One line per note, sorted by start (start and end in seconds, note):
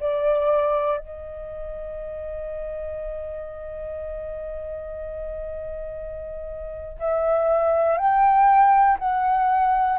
0.00 0.98 D5
0.98 6.98 D#5
6.99 7.98 E5
7.98 8.98 G5
8.99 9.99 F#5